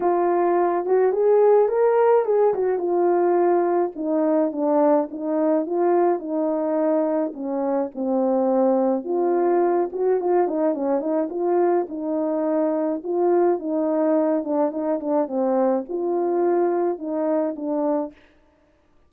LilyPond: \new Staff \with { instrumentName = "horn" } { \time 4/4 \tempo 4 = 106 f'4. fis'8 gis'4 ais'4 | gis'8 fis'8 f'2 dis'4 | d'4 dis'4 f'4 dis'4~ | dis'4 cis'4 c'2 |
f'4. fis'8 f'8 dis'8 cis'8 dis'8 | f'4 dis'2 f'4 | dis'4. d'8 dis'8 d'8 c'4 | f'2 dis'4 d'4 | }